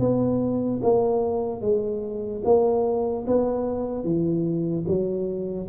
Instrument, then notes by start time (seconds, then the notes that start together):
tuba
0.00 B3
0.83 A#3
1.61 G#3
2.45 A#3
3.28 B3
4.04 E3
4.88 F#3